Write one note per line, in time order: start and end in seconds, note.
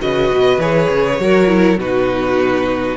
0.00 0.32 C#3
0.00 0.59 F#4
0.00 1.22 B4
0.00 0.61 D#5
0.32 0.58 B2
0.58 0.87 E3
0.58 1.19 G#4
0.58 1.79 C#5
0.90 1.19 C#3
1.19 1.78 F#3
1.19 1.48 F#4
1.19 1.80 A#4
1.48 1.77 E4
1.78 2.97 B2
1.78 2.97 D#4
1.78 2.97 F#4
1.78 2.97 B4